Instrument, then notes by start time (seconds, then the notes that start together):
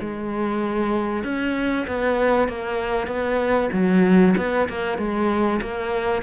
cello
0.00 G#3
1.23 C#4
1.87 B3
2.48 A#3
3.07 B3
3.72 F#3
4.37 B3
4.69 A#3
4.97 G#3
5.61 A#3